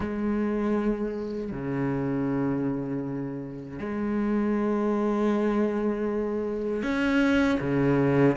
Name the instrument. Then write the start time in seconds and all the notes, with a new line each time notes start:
cello
0.00 G#3
1.51 C#3
3.79 G#3
6.83 C#4
7.59 C#3